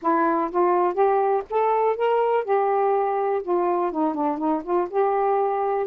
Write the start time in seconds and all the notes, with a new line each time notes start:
0.02 E4
0.51 F4
0.94 G4
1.50 A4
1.96 A#4
2.44 G4
3.43 F4
3.91 D#4
4.14 D4
4.37 D#4
4.63 F4
4.89 G4